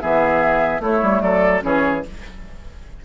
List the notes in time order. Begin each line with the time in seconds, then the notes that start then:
0.00 E3 B3 G#4 E5
0.80 A3 E4 C#5
1.02 G3
1.21 F#3 A4 D5
1.61 E3 C#4 G#4 C#5